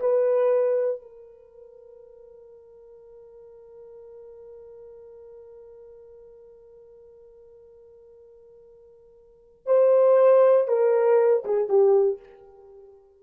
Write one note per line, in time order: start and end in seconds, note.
0.00 1.01 B4
1.01 9.66 A#4
9.66 10.68 C5
10.68 11.44 A#4
11.45 11.69 G#4
11.69 12.19 G4